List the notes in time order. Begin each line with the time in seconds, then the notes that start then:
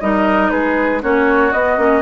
0.00 G3 D#4 A#4 D#5
0.50 G#3 G#4 B4
1.01 A#3 C#4 F#4 C#5
1.52 B3 D#5
1.77 A#3 C#4